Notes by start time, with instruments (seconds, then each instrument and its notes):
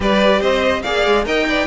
0.00 cello G3, viola G4, violin B4 D5
0.40 cello C4, violin C5 D#5
0.82 cello A#3, viola G#4, violin D5 F5
1.06 cello G#3
1.25 cello D#4, viola A#4, violin D#5 G5
1.48 viola B4, violin D5